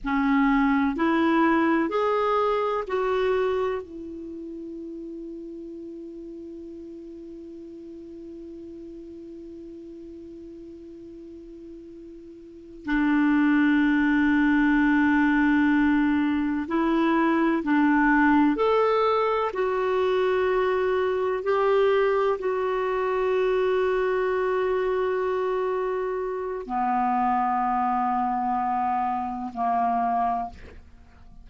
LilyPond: \new Staff \with { instrumentName = "clarinet" } { \time 4/4 \tempo 4 = 63 cis'4 e'4 gis'4 fis'4 | e'1~ | e'1~ | e'4. d'2~ d'8~ |
d'4. e'4 d'4 a'8~ | a'8 fis'2 g'4 fis'8~ | fis'1 | b2. ais4 | }